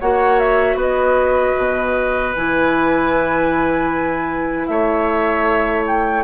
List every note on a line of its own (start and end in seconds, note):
0.00 0.75 A#3
0.00 2.35 F#4
0.00 0.77 C#5
0.00 0.39 F#5
0.39 0.78 E5
0.75 1.53 B3
0.75 4.66 B4
0.75 2.34 D#5
1.57 2.35 B2
2.34 4.68 E3
2.34 6.24 E4
2.34 4.67 G#5
4.67 6.24 A3
4.67 6.24 C#5
4.67 5.83 E5
5.87 6.24 G5